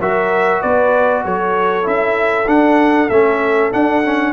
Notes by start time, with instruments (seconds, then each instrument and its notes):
0.00 tuba F#3, trombone F#4, horn A#4, trumpet E5
0.61 tuba B3, horn B4, trumpet D5
1.24 tuba F#3, horn A4, trumpet C#5
1.83 tuba C#4, trombone E4, trumpet E5
2.47 trombone D4, tuba D4, trumpet F#5
3.09 tuba A3, trombone C#4, trumpet E5
3.72 trombone D4, tuba D4, trumpet F#5
4.03 trombone C#4